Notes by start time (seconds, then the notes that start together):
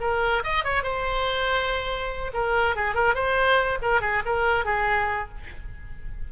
0.00 A#4
0.43 D#5
0.64 C#5
0.83 C5
2.33 A#4
2.75 G#4
2.94 A#4
3.14 C5
3.82 A#4
4.01 G#4
4.25 A#4
4.65 G#4